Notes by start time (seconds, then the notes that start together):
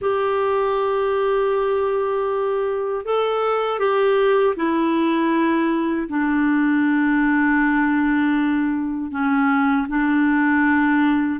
0.01 G4
3.05 A4
3.79 G4
4.56 E4
6.08 D4
9.11 C#4
9.88 D4